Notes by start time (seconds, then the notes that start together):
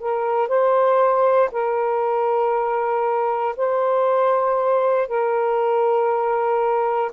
0.00 A#4
0.49 C5
1.52 A#4
3.57 C5
5.08 A#4